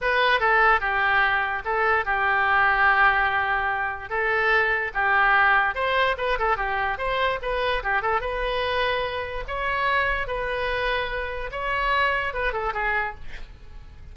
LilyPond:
\new Staff \with { instrumentName = "oboe" } { \time 4/4 \tempo 4 = 146 b'4 a'4 g'2 | a'4 g'2.~ | g'2 a'2 | g'2 c''4 b'8 a'8 |
g'4 c''4 b'4 g'8 a'8 | b'2. cis''4~ | cis''4 b'2. | cis''2 b'8 a'8 gis'4 | }